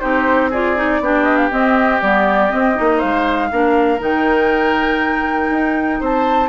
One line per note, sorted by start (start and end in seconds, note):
0.00 1.00 C4
0.00 0.51 D#4
0.00 0.50 G4
0.00 0.50 C5
0.50 0.76 F4
0.50 1.00 G#4
0.50 1.24 D5
0.76 1.01 D#4
1.00 1.50 B3
1.00 1.51 D4
1.00 2.97 G4
1.24 1.36 D#5
1.36 1.49 F5
1.51 2.01 C4
1.51 2.02 C4
1.51 2.01 D#5
2.01 2.52 G3
2.01 2.49 B3
2.01 2.51 D5
2.49 2.74 C4
2.49 2.78 C4
2.49 3.00 D#5
2.74 3.03 A#3
2.74 3.49 D#4
2.97 3.51 G#3
2.97 3.47 C5
2.97 4.00 F5
3.51 4.01 A#3
3.51 3.98 D4
3.51 6.00 A#4
3.98 5.50 D#3
3.98 6.48 D#4
3.98 6.03 G5
5.50 6.00 D#4
6.00 6.49 C4
6.00 6.49 C5
6.00 6.49 A5